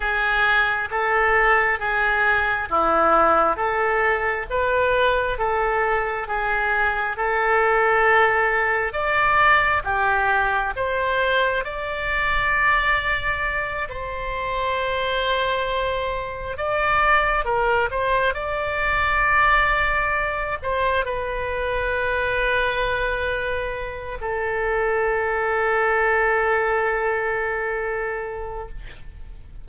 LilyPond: \new Staff \with { instrumentName = "oboe" } { \time 4/4 \tempo 4 = 67 gis'4 a'4 gis'4 e'4 | a'4 b'4 a'4 gis'4 | a'2 d''4 g'4 | c''4 d''2~ d''8 c''8~ |
c''2~ c''8 d''4 ais'8 | c''8 d''2~ d''8 c''8 b'8~ | b'2. a'4~ | a'1 | }